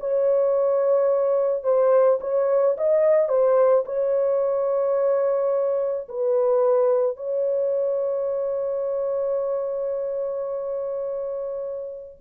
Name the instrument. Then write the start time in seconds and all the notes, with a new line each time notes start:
horn
0.00 C#5
1.64 C5
2.21 C#5
2.77 D#5
3.29 C5
3.86 C#5
6.09 B4
7.17 C#5